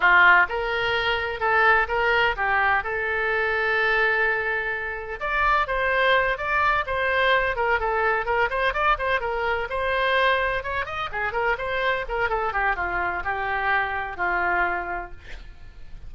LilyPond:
\new Staff \with { instrumentName = "oboe" } { \time 4/4 \tempo 4 = 127 f'4 ais'2 a'4 | ais'4 g'4 a'2~ | a'2. d''4 | c''4. d''4 c''4. |
ais'8 a'4 ais'8 c''8 d''8 c''8 ais'8~ | ais'8 c''2 cis''8 dis''8 gis'8 | ais'8 c''4 ais'8 a'8 g'8 f'4 | g'2 f'2 | }